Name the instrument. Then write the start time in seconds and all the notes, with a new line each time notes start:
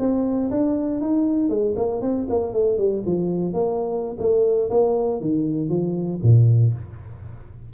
tuba
0.00 C4
0.51 D4
1.02 D#4
1.50 G#3
1.77 A#3
2.02 C4
2.30 A#3
2.54 A3
2.78 G3
3.06 F3
3.54 A#3
4.19 A3
4.71 A#3
5.21 D#3
5.69 F3
6.23 A#2